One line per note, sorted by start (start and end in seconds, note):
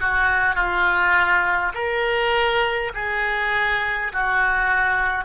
0.00 0.55 F#4
0.55 1.72 F4
1.74 2.91 A#4
2.94 4.12 G#4
4.13 5.25 F#4